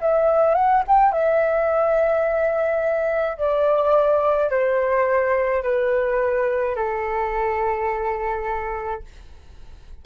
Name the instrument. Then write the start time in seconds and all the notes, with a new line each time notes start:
flute
0.00 E5
0.55 F#5
0.87 G5
1.12 E5
3.37 D5
4.50 C5
5.62 B4
6.76 A4